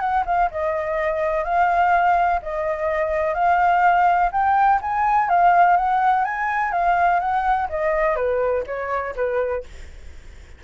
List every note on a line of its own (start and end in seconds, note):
0.00 0.24 F#5
0.26 0.50 F5
0.51 1.44 D#5
1.44 2.40 F5
2.43 3.35 D#5
3.35 4.31 F5
4.32 4.80 G5
4.82 5.30 G#5
5.30 5.77 F5
5.77 6.25 F#5
6.25 6.72 G#5
6.72 7.20 F5
7.20 7.68 F#5
7.70 8.16 D#5
8.16 8.64 B4
8.67 9.15 C#5
9.16 9.64 B4